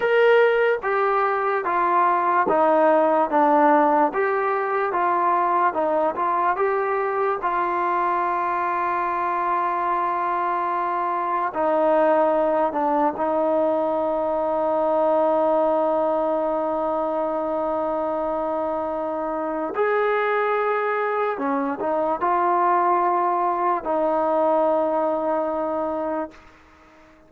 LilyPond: \new Staff \with { instrumentName = "trombone" } { \time 4/4 \tempo 4 = 73 ais'4 g'4 f'4 dis'4 | d'4 g'4 f'4 dis'8 f'8 | g'4 f'2.~ | f'2 dis'4. d'8 |
dis'1~ | dis'1 | gis'2 cis'8 dis'8 f'4~ | f'4 dis'2. | }